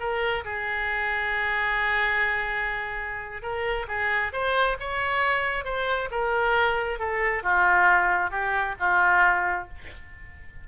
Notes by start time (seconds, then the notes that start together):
0.00 A#4
0.45 G#4
3.43 A#4
3.88 G#4
4.33 C5
4.80 C#5
5.65 C5
6.12 A#4
6.99 A4
7.44 F4
8.31 G4
8.80 F4